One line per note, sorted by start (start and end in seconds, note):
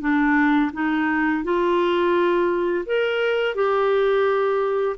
0.00 0.71 D4
0.73 1.43 D#4
1.43 2.85 F4
2.85 3.55 A#4
3.55 4.96 G4